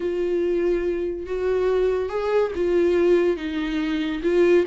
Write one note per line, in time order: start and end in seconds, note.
0.00 1.26 F4
1.26 2.09 F#4
2.09 2.51 G#4
2.55 3.36 F4
3.36 4.21 D#4
4.23 4.65 F4